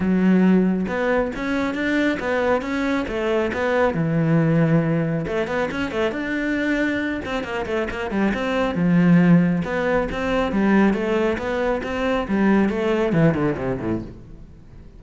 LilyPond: \new Staff \with { instrumentName = "cello" } { \time 4/4 \tempo 4 = 137 fis2 b4 cis'4 | d'4 b4 cis'4 a4 | b4 e2. | a8 b8 cis'8 a8 d'2~ |
d'8 c'8 ais8 a8 ais8 g8 c'4 | f2 b4 c'4 | g4 a4 b4 c'4 | g4 a4 e8 d8 c8 a,8 | }